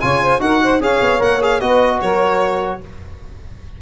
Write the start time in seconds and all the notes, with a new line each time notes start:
0.00 C#3 F4 C#5 G#5
0.22 C5
0.40 D#4 F#4 A#4 F#5
0.63 C5
0.80 C#4 G#4 C#5 F5
1.01 B3
1.19 A#3 A#4 F#5
1.41 G#4 F5
1.60 B3 F#4 B4 D#5
2.00 F#3 A#4 C#5